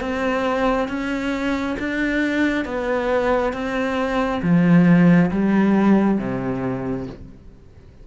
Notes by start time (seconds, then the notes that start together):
0.00 C4
0.88 C#4
1.79 D4
2.65 B3
3.53 C4
4.42 F3
5.31 G3
6.18 C3